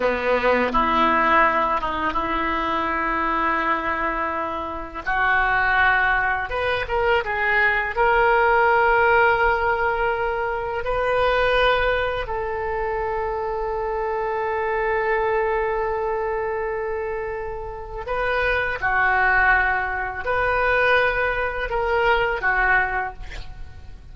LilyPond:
\new Staff \with { instrumentName = "oboe" } { \time 4/4 \tempo 4 = 83 b4 e'4. dis'8 e'4~ | e'2. fis'4~ | fis'4 b'8 ais'8 gis'4 ais'4~ | ais'2. b'4~ |
b'4 a'2.~ | a'1~ | a'4 b'4 fis'2 | b'2 ais'4 fis'4 | }